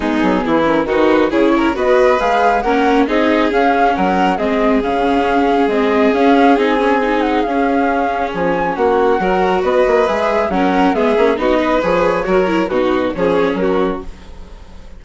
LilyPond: <<
  \new Staff \with { instrumentName = "flute" } { \time 4/4 \tempo 4 = 137 gis'4. ais'8 b'4 cis''4 | dis''4 f''4 fis''4 dis''4 | f''4 fis''4 dis''4 f''4~ | f''4 dis''4 f''4 gis''4~ |
gis''8 fis''8 f''2 gis''4 | fis''2 dis''4 e''4 | fis''4 e''4 dis''4 cis''4~ | cis''4 b'4 cis''4 ais'4 | }
  \new Staff \with { instrumentName = "violin" } { \time 4/4 dis'4 e'4 fis'4 gis'8 ais'8 | b'2 ais'4 gis'4~ | gis'4 ais'4 gis'2~ | gis'1~ |
gis'1 | fis'4 ais'4 b'2 | ais'4 gis'4 fis'8 b'4. | ais'4 fis'4 gis'4 fis'4 | }
  \new Staff \with { instrumentName = "viola" } { \time 4/4 b4. cis'8 dis'4 e'4 | fis'4 gis'4 cis'4 dis'4 | cis'2 c'4 cis'4~ | cis'4 c'4 cis'4 dis'8 cis'8 |
dis'4 cis'2.~ | cis'4 fis'2 gis'4 | cis'4 b8 cis'8 dis'4 gis'4 | fis'8 e'8 dis'4 cis'2 | }
  \new Staff \with { instrumentName = "bassoon" } { \time 4/4 gis8 fis8 e4 dis4 cis4 | b4 gis4 ais4 c'4 | cis'4 fis4 gis4 cis4~ | cis4 gis4 cis'4 c'4~ |
c'4 cis'2 f4 | ais4 fis4 b8 ais8 gis4 | fis4 gis8 ais8 b4 f4 | fis4 b,4 f4 fis4 | }
>>